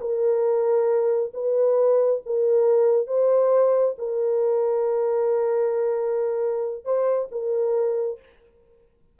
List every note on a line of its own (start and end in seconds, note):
0.00 1.32 A#4
1.33 2.21 B4
2.25 3.06 A#4
3.06 3.95 C5
3.98 6.84 A#4
6.84 7.28 C5
7.31 8.19 A#4